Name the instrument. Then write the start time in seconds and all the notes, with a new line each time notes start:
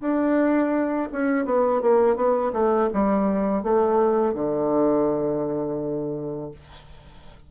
bassoon
0.00 D4
1.12 C#4
1.45 B3
1.81 A#3
2.16 B3
2.52 A3
2.93 G3
3.63 A3
4.34 D3